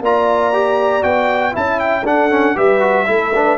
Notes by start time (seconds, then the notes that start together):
0.00 A#3 F4 D5 A#5
0.53 G4
1.02 B3 F#4 G5
1.52 C#4 E4 E5 A5
1.80 G5
2.04 D4 A4 F#5
2.30 C#4
2.55 G3 G4 B4 E5
2.80 F#4
3.06 A3 E4 A4
3.33 D4 B4